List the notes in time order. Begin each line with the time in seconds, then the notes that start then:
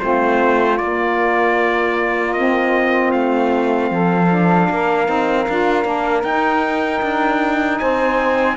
0.00 A3 C4 F4 C5
0.78 A#3 D5
2.33 C4 D#5
3.12 A3 F5
3.91 F3 A4
4.28 D4
4.70 A#3 A#4
5.06 C4 D#4
5.49 D4 F4
5.85 A#3 D4
6.24 D#4 G5
7.02 D4
7.79 C4 C5 G#5